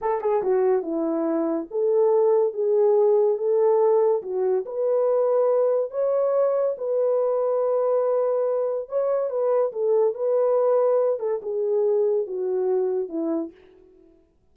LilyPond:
\new Staff \with { instrumentName = "horn" } { \time 4/4 \tempo 4 = 142 a'8 gis'8 fis'4 e'2 | a'2 gis'2 | a'2 fis'4 b'4~ | b'2 cis''2 |
b'1~ | b'4 cis''4 b'4 a'4 | b'2~ b'8 a'8 gis'4~ | gis'4 fis'2 e'4 | }